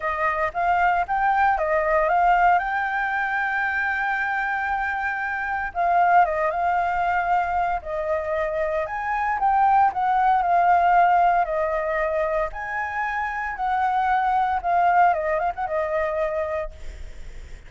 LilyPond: \new Staff \with { instrumentName = "flute" } { \time 4/4 \tempo 4 = 115 dis''4 f''4 g''4 dis''4 | f''4 g''2.~ | g''2. f''4 | dis''8 f''2~ f''8 dis''4~ |
dis''4 gis''4 g''4 fis''4 | f''2 dis''2 | gis''2 fis''2 | f''4 dis''8 f''16 fis''16 dis''2 | }